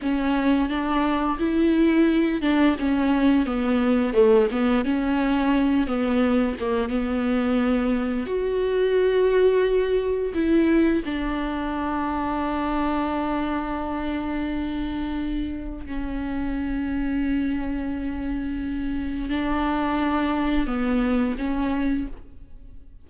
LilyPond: \new Staff \with { instrumentName = "viola" } { \time 4/4 \tempo 4 = 87 cis'4 d'4 e'4. d'8 | cis'4 b4 a8 b8 cis'4~ | cis'8 b4 ais8 b2 | fis'2. e'4 |
d'1~ | d'2. cis'4~ | cis'1 | d'2 b4 cis'4 | }